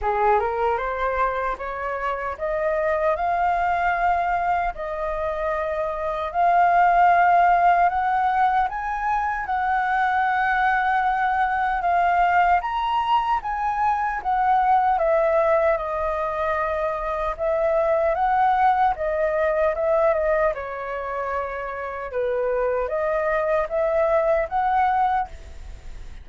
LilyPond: \new Staff \with { instrumentName = "flute" } { \time 4/4 \tempo 4 = 76 gis'8 ais'8 c''4 cis''4 dis''4 | f''2 dis''2 | f''2 fis''4 gis''4 | fis''2. f''4 |
ais''4 gis''4 fis''4 e''4 | dis''2 e''4 fis''4 | dis''4 e''8 dis''8 cis''2 | b'4 dis''4 e''4 fis''4 | }